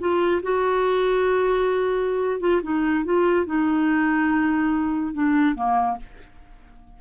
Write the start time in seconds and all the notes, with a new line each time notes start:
0.00 F4
0.43 F#4
2.41 F4
2.63 D#4
3.05 F4
3.46 D#4
5.14 D4
5.55 A#3